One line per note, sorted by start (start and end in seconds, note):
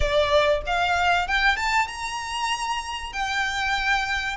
0.00 0.61 D5
0.66 1.27 F5
1.27 1.56 G5
1.56 1.87 A5
1.87 3.12 A#5
3.12 4.37 G5